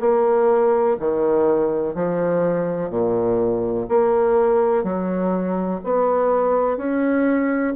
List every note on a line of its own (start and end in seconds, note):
0.00 0.97 A#3
0.99 1.94 D#3
1.94 2.90 F3
2.90 3.87 A#2
3.88 4.83 A#3
4.83 5.80 F#3
5.84 6.77 B3
6.77 7.74 C#4